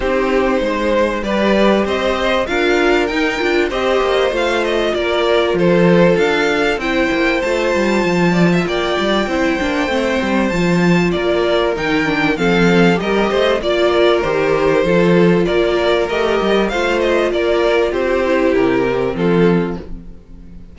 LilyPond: <<
  \new Staff \with { instrumentName = "violin" } { \time 4/4 \tempo 4 = 97 c''2 d''4 dis''4 | f''4 g''4 dis''4 f''8 dis''8 | d''4 c''4 f''4 g''4 | a''2 g''2~ |
g''4 a''4 d''4 g''4 | f''4 dis''4 d''4 c''4~ | c''4 d''4 dis''4 f''8 dis''8 | d''4 c''4 ais'4 a'4 | }
  \new Staff \with { instrumentName = "violin" } { \time 4/4 g'4 c''4 b'4 c''4 | ais'2 c''2 | ais'4 a'2 c''4~ | c''4. d''16 e''16 d''4 c''4~ |
c''2 ais'2 | a'4 ais'8 c''8 d''8 ais'4. | a'4 ais'2 c''4 | ais'4 g'2 f'4 | }
  \new Staff \with { instrumentName = "viola" } { \time 4/4 dis'2 g'2 | f'4 dis'8 f'8 g'4 f'4~ | f'2. e'4 | f'2. e'8 d'8 |
c'4 f'2 dis'8 d'8 | c'4 g'4 f'4 g'4 | f'2 g'4 f'4~ | f'4. e'4 c'4. | }
  \new Staff \with { instrumentName = "cello" } { \time 4/4 c'4 gis4 g4 c'4 | d'4 dis'8 d'8 c'8 ais8 a4 | ais4 f4 d'4 c'8 ais8 | a8 g8 f4 ais8 g8 c'8 ais8 |
a8 g8 f4 ais4 dis4 | f4 g8 a8 ais4 dis4 | f4 ais4 a8 g8 a4 | ais4 c'4 c4 f4 | }
>>